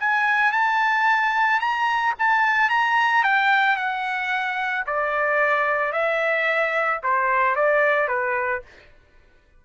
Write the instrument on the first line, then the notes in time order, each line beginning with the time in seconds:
trumpet
0.00 G#5
0.53 A5
1.60 A#5
2.19 A5
2.70 A#5
3.24 G5
3.77 F#5
4.87 D5
5.93 E5
7.04 C5
7.56 D5
8.08 B4